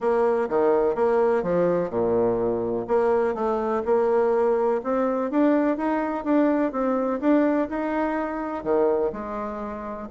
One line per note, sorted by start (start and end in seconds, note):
0.00 0.48 A#3
0.49 0.95 D#3
0.95 1.42 A#3
1.42 1.90 F3
1.90 2.86 A#2
2.87 3.34 A#3
3.34 3.82 A3
3.85 4.81 A#3
4.83 5.31 C4
5.31 5.77 D4
5.77 6.24 D#4
6.24 6.72 D4
6.72 7.20 C4
7.20 7.68 D4
7.69 8.63 D#4
8.63 9.11 D#3
9.12 10.08 G#3